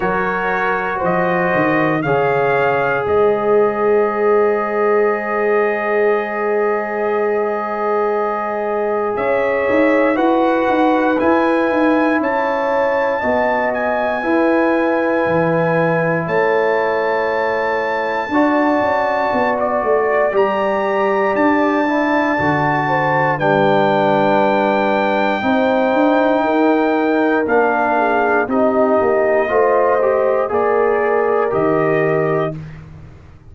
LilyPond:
<<
  \new Staff \with { instrumentName = "trumpet" } { \time 4/4 \tempo 4 = 59 cis''4 dis''4 f''4 dis''4~ | dis''1~ | dis''4 e''4 fis''4 gis''4 | a''4. gis''2~ gis''8 |
a''2.~ a''16 d''8. | ais''4 a''2 g''4~ | g''2. f''4 | dis''2 d''4 dis''4 | }
  \new Staff \with { instrumentName = "horn" } { \time 4/4 ais'4 c''4 cis''4 c''4~ | c''1~ | c''4 cis''4 b'2 | cis''4 dis''4 b'2 |
cis''2 d''2~ | d''2~ d''8 c''8 b'4~ | b'4 c''4 ais'4. gis'8 | g'4 c''4 ais'2 | }
  \new Staff \with { instrumentName = "trombone" } { \time 4/4 fis'2 gis'2~ | gis'1~ | gis'2 fis'4 e'4~ | e'4 fis'4 e'2~ |
e'2 fis'2 | g'4. e'8 fis'4 d'4~ | d'4 dis'2 d'4 | dis'4 f'8 g'8 gis'4 g'4 | }
  \new Staff \with { instrumentName = "tuba" } { \time 4/4 fis4 f8 dis8 cis4 gis4~ | gis1~ | gis4 cis'8 dis'8 e'8 dis'8 e'8 dis'8 | cis'4 b4 e'4 e4 |
a2 d'8 cis'8 b8 a8 | g4 d'4 d4 g4~ | g4 c'8 d'8 dis'4 ais4 | c'8 ais8 a4 ais4 dis4 | }
>>